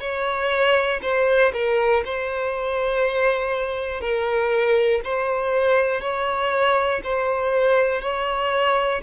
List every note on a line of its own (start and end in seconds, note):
0.00 1.00 C#5
1.02 1.52 C5
1.53 2.03 A#4
2.05 4.00 C5
4.00 5.00 A#4
5.04 6.00 C5
6.00 7.00 C#5
7.03 8.01 C5
8.01 9.01 C#5